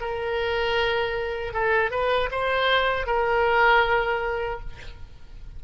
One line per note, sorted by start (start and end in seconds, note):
0.00 1.53 A#4
1.53 1.91 A4
1.91 2.29 B4
2.31 3.06 C5
3.06 4.60 A#4